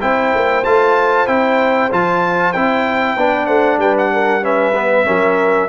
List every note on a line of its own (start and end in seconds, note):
0.00 0.34 C4
0.00 0.63 E4
0.00 3.16 C5
0.00 0.64 G5
0.34 0.65 A#3
0.64 1.27 A3
0.64 1.27 F4
0.64 1.27 A5
1.27 1.90 C4
1.27 1.90 E4
1.27 1.91 G5
1.91 2.55 F3
1.91 2.55 F4
1.91 2.53 A5
2.53 3.16 C4
2.53 3.18 E4
2.53 3.46 G5
3.16 3.48 B3
3.16 4.42 D4
3.16 3.47 B4
3.46 3.77 A3
3.46 3.79 C5
3.46 3.78 F#5
3.77 5.04 G3
3.77 4.12 B4
3.77 3.96 G5
3.98 4.44 F#5
4.12 4.43 A#4
4.42 4.74 C#4
4.42 5.06 B4
4.42 5.69 E5
4.75 5.05 B3
5.05 5.69 F#3
5.05 5.68 C#4
5.05 5.69 A#4